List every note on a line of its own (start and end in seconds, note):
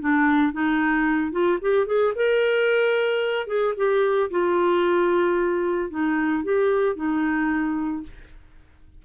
0.00 0.52 D4
0.52 1.32 D#4
1.32 1.59 F4
1.61 1.86 G4
1.86 2.13 G#4
2.15 3.47 A#4
3.47 3.74 G#4
3.76 4.30 G4
4.30 5.90 F4
5.90 6.44 D#4
6.44 6.96 G4
6.96 8.03 D#4